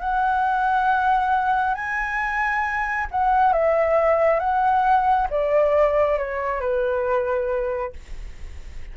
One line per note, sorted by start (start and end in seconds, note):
0.00 1.74 F#5
1.74 3.06 G#5
3.11 3.53 F#5
3.53 4.39 E5
4.39 5.27 F#5
5.30 6.18 D5
6.18 6.60 C#5
6.60 7.93 B4